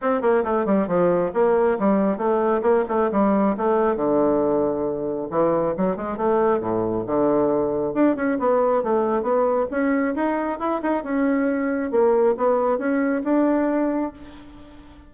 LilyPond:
\new Staff \with { instrumentName = "bassoon" } { \time 4/4 \tempo 4 = 136 c'8 ais8 a8 g8 f4 ais4 | g4 a4 ais8 a8 g4 | a4 d2. | e4 fis8 gis8 a4 a,4 |
d2 d'8 cis'8 b4 | a4 b4 cis'4 dis'4 | e'8 dis'8 cis'2 ais4 | b4 cis'4 d'2 | }